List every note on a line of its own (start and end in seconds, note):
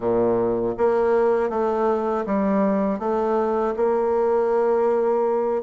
0.00 0.75 A#2
0.77 1.49 A#3
1.49 2.24 A3
2.26 2.99 G3
2.99 3.74 A3
3.76 5.62 A#3